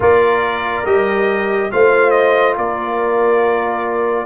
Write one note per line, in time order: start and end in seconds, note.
0.00 0.85 A#3
0.00 0.84 F4
0.00 1.71 A#4
0.00 0.85 D5
0.85 1.71 G3
0.85 1.71 G4
0.85 1.71 D#5
1.71 2.57 A3
1.71 4.25 F4
1.71 2.58 C5
1.71 2.10 F5
2.10 2.53 D#5
2.57 4.25 A#3
2.57 4.25 A#4
2.57 4.25 D5